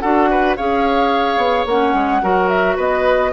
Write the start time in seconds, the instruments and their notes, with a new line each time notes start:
0.00 bassoon D4, clarinet F#4, oboe A4, flute F#5
0.31 oboe B4
0.57 bassoon C#4, clarinet G#4, oboe C#5, flute F5
1.37 bassoon B3
1.66 bassoon A#3, clarinet C#4, flute F#5
1.94 bassoon G#3
2.22 bassoon F#3, clarinet F#4, oboe A#4
2.49 flute E5
2.76 bassoon B3, oboe B4, flute D#5